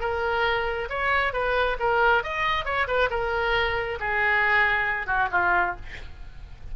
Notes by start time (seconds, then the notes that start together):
0.00 A#4
0.89 C#5
1.33 B4
1.79 A#4
2.23 D#5
2.65 C#5
2.87 B4
3.10 A#4
3.99 G#4
5.06 F#4
5.31 F4